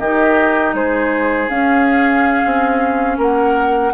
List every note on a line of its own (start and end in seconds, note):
0.00 0.74 D#3
0.00 1.50 D#4
0.00 0.75 G4
0.00 0.75 D#5
0.74 1.49 G#3
0.74 3.18 G#4
0.74 1.50 C5
1.50 3.93 C#4
1.50 2.43 C#4
1.50 3.18 F5
2.46 3.18 C4
3.18 3.93 A#3
3.18 3.93 A#4
3.18 3.94 F#5